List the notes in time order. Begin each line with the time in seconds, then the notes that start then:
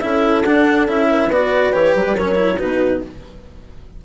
0.00 C#4 E4 A4 E5
0.44 D4 F#5
0.87 C#4 E4 E5
1.11 A#4
1.27 B3 F#4 B4 D5
1.73 E3 G4 C#5
1.96 F#3 B4
2.06 G3
2.14 F#3 A#4 C#5
2.20 C#4
2.36 E4
2.58 B2 D#4 F#4 B4